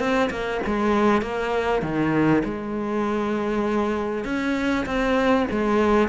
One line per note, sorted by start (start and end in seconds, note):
0.00 0.30 C4
0.31 0.61 A#3
0.66 1.22 G#3
1.22 1.83 A#3
1.83 2.43 D#3
2.45 4.25 G#3
4.25 4.86 C#4
4.86 5.47 C4
5.52 6.09 G#3